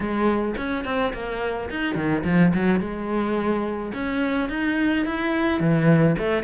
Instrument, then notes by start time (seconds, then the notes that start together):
cello
0.00 G#3
0.57 C#4
0.84 C4
1.13 A#3
1.69 D#4
1.95 D#3
2.24 F3
2.54 F#3
2.80 G#3
3.94 C#4
4.49 D#4
5.05 E4
5.59 E3
6.18 A3